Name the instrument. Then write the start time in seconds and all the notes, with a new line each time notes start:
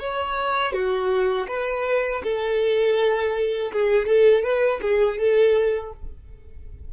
violin
0.00 C#5
0.73 F#4
1.49 B4
2.24 A4
3.73 G#4
4.07 A4
4.44 B4
4.82 G#4
5.19 A4